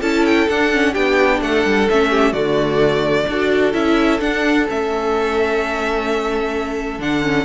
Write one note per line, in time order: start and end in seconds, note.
0.00 0.48 C#4
0.00 0.49 E4
0.00 0.92 A4
0.00 0.25 A5
0.25 0.49 G5
0.48 0.95 D4
0.48 0.72 D4
0.48 0.94 F#5
0.72 0.95 C#4
0.92 1.41 B3
0.92 1.88 D4
0.92 1.39 G4
0.92 1.40 G5
1.41 1.65 A3
1.41 2.10 A4
1.41 1.89 F#5
1.65 1.88 G3
1.89 2.33 A3
1.89 2.34 C#4
1.89 2.33 E5
2.10 2.32 G4
2.32 3.26 D3
2.32 3.28 A3
2.32 3.25 F#4
2.32 3.72 D5
3.28 3.73 D4
3.28 3.73 F#4
3.28 7.45 A4
3.73 4.20 C#4
3.73 4.19 E4
3.73 4.20 E5
4.19 4.66 D4
4.19 4.68 D4
4.19 4.67 F#5
4.69 6.99 A3
4.69 7.00 C#4
4.69 7.01 E5
6.99 7.45 D3
6.99 7.23 D4
6.99 7.45 F#5
7.23 7.45 C#4